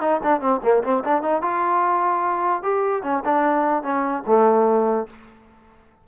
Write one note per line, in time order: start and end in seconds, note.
0.00 0.20 D#4
0.23 0.40 D4
0.40 0.60 C4
0.63 0.83 A#3
0.83 1.03 C4
1.04 1.22 D4
1.22 1.41 D#4
1.41 2.62 F4
2.62 3.02 G4
3.03 3.23 C#4
3.24 3.83 D4
3.83 4.23 C#4
4.26 5.07 A3